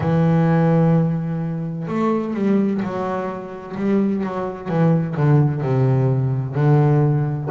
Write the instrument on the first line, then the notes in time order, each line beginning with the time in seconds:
double bass
0.00 E3
1.87 A3
2.34 G3
2.81 F#3
3.76 G3
4.23 F#3
4.68 E3
5.16 D3
5.61 C3
6.55 D3